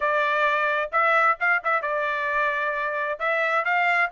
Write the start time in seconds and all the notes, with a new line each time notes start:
0.00 D5
0.92 E5
1.40 F5
1.64 E5
1.82 D5
3.19 E5
3.65 F5